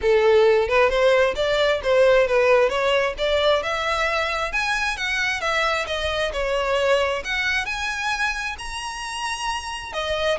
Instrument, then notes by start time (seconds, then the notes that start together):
violin
0.01 A4
0.68 B4
0.89 C5
1.35 D5
1.83 C5
2.27 B4
2.69 C#5
3.18 D5
3.62 E5
4.52 G#5
4.96 F#5
5.40 E5
5.86 D#5
6.32 C#5
7.24 F#5
7.65 G#5
8.58 A#5
9.92 D#5